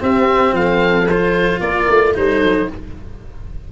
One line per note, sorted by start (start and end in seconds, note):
0.00 1.07 C4
0.00 0.52 C4
0.00 0.56 G4
0.00 0.55 E5
0.52 1.59 F3
0.52 1.62 A4
0.52 1.08 F5
1.09 2.14 F4
1.09 1.60 C5
1.60 1.87 A#3
1.60 2.15 A#4
1.60 2.14 D5
1.90 2.16 A3
2.14 2.43 G3
2.14 2.68 D#4
2.14 2.72 A4
2.14 2.70 C5
2.43 2.70 F#3